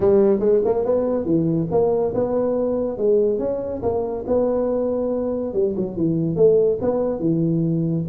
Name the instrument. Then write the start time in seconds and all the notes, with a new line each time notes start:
tuba
0.00 G3
0.39 G#3
0.64 A#3
0.85 B3
1.25 E3
1.71 A#3
2.14 B3
2.97 G#3
3.38 C#4
3.82 A#3
4.27 B3
5.53 G3
5.76 F#3
5.96 E3
6.35 A3
6.81 B3
7.19 E3